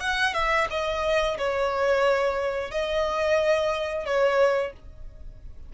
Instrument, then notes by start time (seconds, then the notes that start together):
violin
0.00 F#5
0.34 E5
0.70 D#5
1.38 C#5
2.71 D#5
4.05 C#5